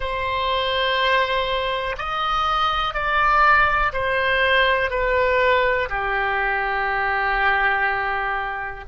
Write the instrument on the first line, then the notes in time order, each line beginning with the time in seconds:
oboe
0.00 C5
1.98 D#5
2.93 D5
3.92 C5
4.90 B4
5.89 G4